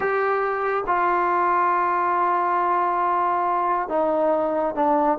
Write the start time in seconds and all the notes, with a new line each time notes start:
0.00 G4
0.86 F4
3.88 D#4
4.75 D4